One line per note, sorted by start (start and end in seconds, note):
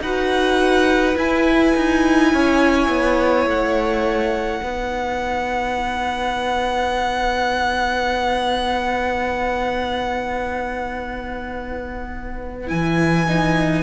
0.00 1.15 D#4
0.00 1.15 F#4
0.00 2.33 B4
0.00 1.17 F#5
1.15 4.60 E4
1.15 1.74 E4
1.15 3.49 G#5
1.76 2.33 D#4
2.33 2.88 C#4
2.33 4.62 C#5
2.88 3.45 B3
3.45 4.61 A3
3.45 12.68 F#5
4.60 12.70 B3
4.60 12.67 D#4
4.60 13.83 B4
12.67 13.83 E3
12.67 13.25 E4
12.67 13.83 G#5
13.28 13.83 D#4